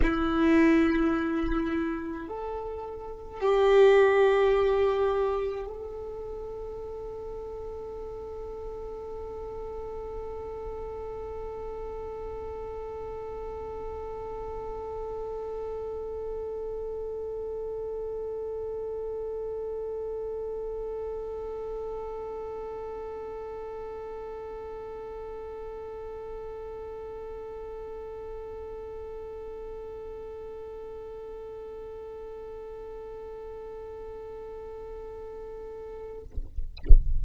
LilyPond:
\new Staff \with { instrumentName = "violin" } { \time 4/4 \tempo 4 = 53 e'2 a'4 g'4~ | g'4 a'2.~ | a'1~ | a'1~ |
a'1~ | a'1~ | a'1~ | a'1 | }